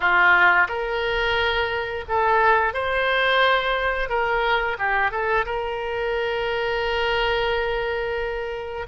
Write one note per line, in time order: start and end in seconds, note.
0.00 0.67 F4
0.68 2.05 A#4
2.08 2.73 A4
2.73 4.09 C5
4.09 4.77 A#4
4.78 5.11 G4
5.11 5.45 A4
5.45 8.86 A#4